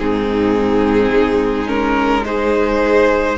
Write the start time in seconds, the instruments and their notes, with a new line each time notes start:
0.00 cello G#2, viola C4, violin D#4 G#4
1.12 cello G#3
1.67 viola C#4, violin A#4
2.25 viola D#4, violin G#4 C5